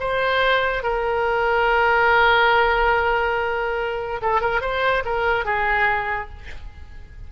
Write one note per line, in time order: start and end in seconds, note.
0.00 0.83 C5
0.83 4.21 A#4
4.22 4.41 A4
4.41 4.61 A#4
4.61 5.03 C5
5.05 5.45 A#4
5.45 6.30 G#4